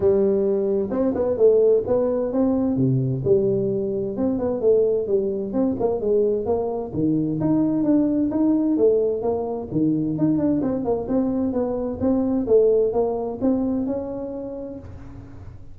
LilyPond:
\new Staff \with { instrumentName = "tuba" } { \time 4/4 \tempo 4 = 130 g2 c'8 b8 a4 | b4 c'4 c4 g4~ | g4 c'8 b8 a4 g4 | c'8 ais8 gis4 ais4 dis4 |
dis'4 d'4 dis'4 a4 | ais4 dis4 dis'8 d'8 c'8 ais8 | c'4 b4 c'4 a4 | ais4 c'4 cis'2 | }